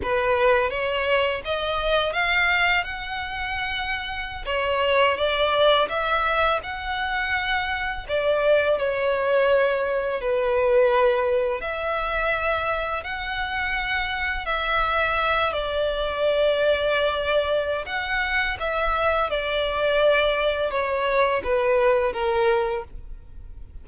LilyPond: \new Staff \with { instrumentName = "violin" } { \time 4/4 \tempo 4 = 84 b'4 cis''4 dis''4 f''4 | fis''2~ fis''16 cis''4 d''8.~ | d''16 e''4 fis''2 d''8.~ | d''16 cis''2 b'4.~ b'16~ |
b'16 e''2 fis''4.~ fis''16~ | fis''16 e''4. d''2~ d''16~ | d''4 fis''4 e''4 d''4~ | d''4 cis''4 b'4 ais'4 | }